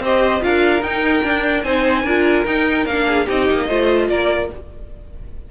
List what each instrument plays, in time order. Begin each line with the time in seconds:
0.00 cello C4, viola G4, violin C5 D#5
0.41 cello D4, viola F4, violin A#4 F5
0.82 cello D#4, viola D#4, violin G5
1.23 viola D4, cello D4
1.64 cello C4, viola D#4, violin C5 G#5
2.03 cello D4, viola F4, violin A#4
2.45 cello D#4, viola D#4, violin G5
2.86 cello A#3, viola D4, violin F5
3.08 violin G#4
3.26 cello C4, viola D#4, violin G4 D#5
3.51 cello A#3
3.68 cello A3, viola F4, violin C5
4.09 cello A#3, violin A#4 D5